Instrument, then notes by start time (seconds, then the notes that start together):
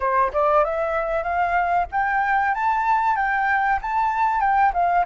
flute
0.00 C5
0.32 D5
0.64 E5
1.23 F5
1.91 G5
2.54 A5
3.16 G5
3.81 A5
4.40 G5
4.73 F5